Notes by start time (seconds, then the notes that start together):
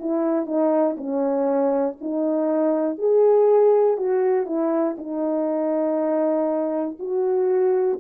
0.00 E4
0.46 D#4
0.98 C#4
2.01 D#4
2.99 G#4
3.98 F#4
4.46 E4
4.98 D#4
6.99 F#4